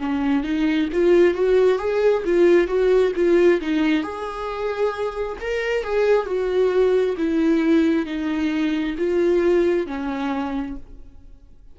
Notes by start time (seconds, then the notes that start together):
0.00 C#4
0.44 D#4
0.93 F4
1.34 F#4
1.79 G#4
2.26 F4
2.68 F#4
3.16 F4
3.61 D#4
4.03 G#4
5.41 A#4
5.84 G#4
6.27 F#4
7.18 E4
8.06 D#4
8.98 F4
9.87 C#4